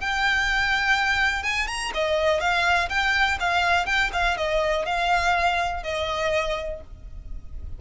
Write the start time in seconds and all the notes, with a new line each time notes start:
0.00 G5
1.43 G#5
1.67 A#5
1.94 D#5
2.40 F5
2.89 G5
3.40 F5
3.86 G5
4.13 F5
4.37 D#5
4.85 F5
5.83 D#5